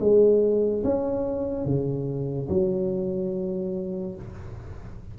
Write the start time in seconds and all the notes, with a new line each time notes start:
0.00 G#3
0.84 C#4
1.65 C#3
2.49 F#3